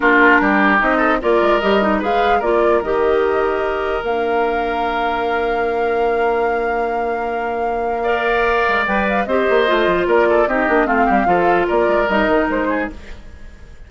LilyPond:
<<
  \new Staff \with { instrumentName = "flute" } { \time 4/4 \tempo 4 = 149 ais'2 dis''4 d''4 | dis''4 f''4 d''4 dis''4~ | dis''2 f''2~ | f''1~ |
f''1~ | f''2 g''8 f''8 dis''4~ | dis''4 d''4 dis''4 f''4~ | f''4 d''4 dis''4 c''4 | }
  \new Staff \with { instrumentName = "oboe" } { \time 4/4 f'4 g'4. a'8 ais'4~ | ais'4 b'4 ais'2~ | ais'1~ | ais'1~ |
ais'1 | d''2. c''4~ | c''4 ais'8 a'8 g'4 f'8 g'8 | a'4 ais'2~ ais'8 gis'8 | }
  \new Staff \with { instrumentName = "clarinet" } { \time 4/4 d'2 dis'4 f'4 | g'8 dis'8 gis'4 f'4 g'4~ | g'2 d'2~ | d'1~ |
d'1 | ais'2 b'4 g'4 | f'2 dis'8 d'8 c'4 | f'2 dis'2 | }
  \new Staff \with { instrumentName = "bassoon" } { \time 4/4 ais4 g4 c'4 ais8 gis8 | g4 gis4 ais4 dis4~ | dis2 ais2~ | ais1~ |
ais1~ | ais4. gis8 g4 c'8 ais8 | a8 f8 ais4 c'8 ais8 a8 g8 | f4 ais8 gis8 g8 dis8 gis4 | }
>>